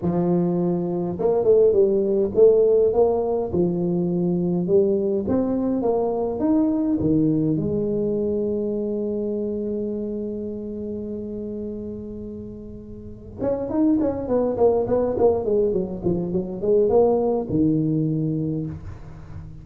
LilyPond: \new Staff \with { instrumentName = "tuba" } { \time 4/4 \tempo 4 = 103 f2 ais8 a8 g4 | a4 ais4 f2 | g4 c'4 ais4 dis'4 | dis4 gis2.~ |
gis1~ | gis2. cis'8 dis'8 | cis'8 b8 ais8 b8 ais8 gis8 fis8 f8 | fis8 gis8 ais4 dis2 | }